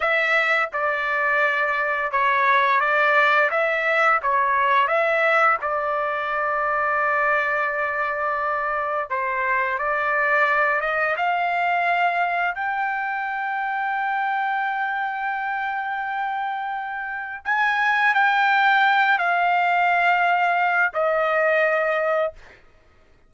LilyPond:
\new Staff \with { instrumentName = "trumpet" } { \time 4/4 \tempo 4 = 86 e''4 d''2 cis''4 | d''4 e''4 cis''4 e''4 | d''1~ | d''4 c''4 d''4. dis''8 |
f''2 g''2~ | g''1~ | g''4 gis''4 g''4. f''8~ | f''2 dis''2 | }